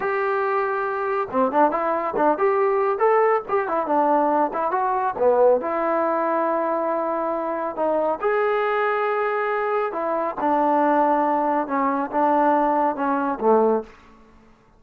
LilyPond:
\new Staff \with { instrumentName = "trombone" } { \time 4/4 \tempo 4 = 139 g'2. c'8 d'8 | e'4 d'8 g'4. a'4 | g'8 e'8 d'4. e'8 fis'4 | b4 e'2.~ |
e'2 dis'4 gis'4~ | gis'2. e'4 | d'2. cis'4 | d'2 cis'4 a4 | }